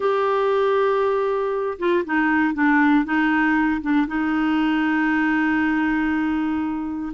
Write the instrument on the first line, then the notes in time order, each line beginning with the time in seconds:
clarinet
0.00 G4
1.78 F4
2.05 D#4
2.54 D4
3.04 D#4
3.81 D4
4.07 D#4